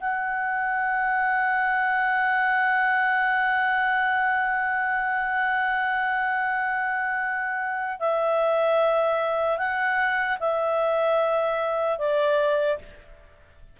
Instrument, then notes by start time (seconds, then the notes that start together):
clarinet
0.00 F#5
8.00 E5
9.58 F#5
10.40 E5
11.99 D5